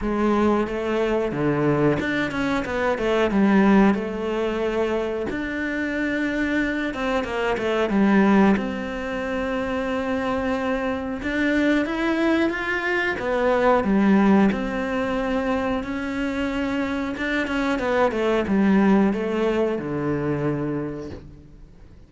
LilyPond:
\new Staff \with { instrumentName = "cello" } { \time 4/4 \tempo 4 = 91 gis4 a4 d4 d'8 cis'8 | b8 a8 g4 a2 | d'2~ d'8 c'8 ais8 a8 | g4 c'2.~ |
c'4 d'4 e'4 f'4 | b4 g4 c'2 | cis'2 d'8 cis'8 b8 a8 | g4 a4 d2 | }